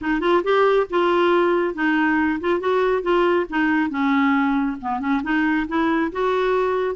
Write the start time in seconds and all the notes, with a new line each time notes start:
0.01 D#4
0.20 F4
0.43 G4
0.89 F4
1.74 D#4
2.40 F4
2.60 F#4
3.02 F4
3.49 D#4
3.90 C#4
4.81 B3
5.00 C#4
5.23 D#4
5.68 E4
6.12 F#4